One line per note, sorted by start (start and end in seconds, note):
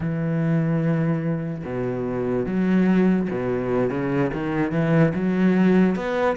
0.00 1.63 E3
1.64 2.46 B2
2.46 3.28 F#3
3.30 3.90 B2
3.90 4.31 C#3
4.33 4.71 D#3
4.71 5.12 E3
5.14 5.95 F#3
5.95 6.36 B3